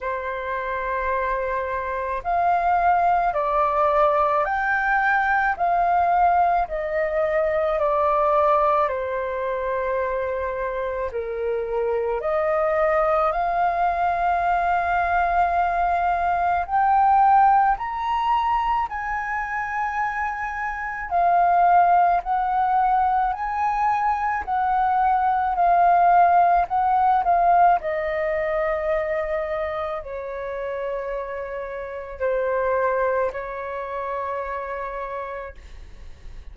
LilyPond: \new Staff \with { instrumentName = "flute" } { \time 4/4 \tempo 4 = 54 c''2 f''4 d''4 | g''4 f''4 dis''4 d''4 | c''2 ais'4 dis''4 | f''2. g''4 |
ais''4 gis''2 f''4 | fis''4 gis''4 fis''4 f''4 | fis''8 f''8 dis''2 cis''4~ | cis''4 c''4 cis''2 | }